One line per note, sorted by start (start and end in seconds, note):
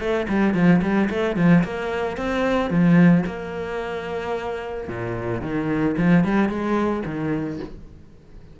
0.00 0.27 A3
0.29 0.55 G3
0.55 0.82 F3
0.82 1.09 G3
1.10 1.37 A3
1.37 1.64 F3
1.64 2.17 A#3
2.17 2.71 C4
2.71 3.25 F3
3.27 4.89 A#3
4.89 5.42 A#2
5.42 5.96 D#3
5.98 6.25 F3
6.25 6.49 G3
6.49 7.03 G#3
7.06 7.60 D#3